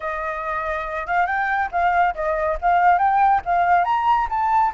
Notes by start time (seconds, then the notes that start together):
0.00 D#5
1.06 F5
1.26 G5
1.71 F5
2.14 D#5
2.61 F5
2.98 G5
3.45 F5
3.84 A#5
4.29 A5